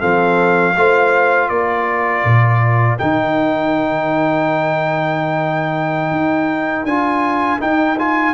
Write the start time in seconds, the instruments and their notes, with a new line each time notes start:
0.00 tuba F3, trombone C4, horn A4, trumpet F5
0.76 tuba A3, trombone F4, horn C5
1.49 tuba A#3, horn A#4, trumpet D5
2.25 tuba A#2
2.98 tuba D#3, trombone D#4, trumpet G5
6.11 tuba D#4
6.84 tuba D4, trombone F4, trumpet G#5
7.60 trombone D#4, tuba D#4, trumpet G5
7.98 trombone F4, trumpet G#5